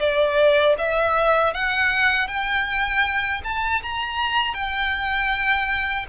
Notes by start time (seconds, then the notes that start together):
0.00 D5
0.79 E5
1.54 F#5
2.28 G5
3.45 A5
3.83 A#5
4.55 G5